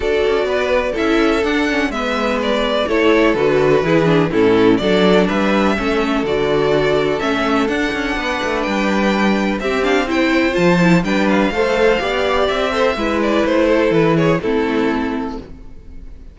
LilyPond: <<
  \new Staff \with { instrumentName = "violin" } { \time 4/4 \tempo 4 = 125 d''2 e''4 fis''4 | e''4 d''4 cis''4 b'4~ | b'4 a'4 d''4 e''4~ | e''4 d''2 e''4 |
fis''2 g''2 | e''8 f''8 g''4 a''4 g''8 f''8~ | f''2 e''4. d''8 | c''4 b'8 cis''8 a'2 | }
  \new Staff \with { instrumentName = "violin" } { \time 4/4 a'4 b'4 a'2 | b'2 a'2 | gis'4 e'4 a'4 b'4 | a'1~ |
a'4 b'2. | g'4 c''2 b'4 | c''4 d''4. c''8 b'4~ | b'8 a'4 gis'8 e'2 | }
  \new Staff \with { instrumentName = "viola" } { \time 4/4 fis'2 e'4 d'8 cis'8 | b2 e'4 fis'4 | e'8 d'8 cis'4 d'2 | cis'4 fis'2 cis'4 |
d'1 | c'8 d'8 e'4 f'8 e'8 d'4 | a'4 g'4. a'8 e'4~ | e'2 c'2 | }
  \new Staff \with { instrumentName = "cello" } { \time 4/4 d'8 cis'8 b4 cis'4 d'4 | gis2 a4 d4 | e4 a,4 fis4 g4 | a4 d2 a4 |
d'8 cis'8 b8 a8 g2 | c'2 f4 g4 | a4 b4 c'4 gis4 | a4 e4 a2 | }
>>